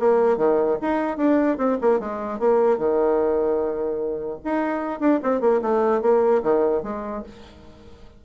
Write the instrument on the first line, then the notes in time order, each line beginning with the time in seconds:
bassoon
0.00 A#3
0.38 D#3
0.82 D#4
1.18 D4
1.58 C4
1.82 A#3
2.00 G#3
2.40 A#3
2.78 D#3
4.45 D#4
5.00 D4
5.23 C4
5.41 A#3
5.62 A3
6.02 A#3
6.43 D#3
6.83 G#3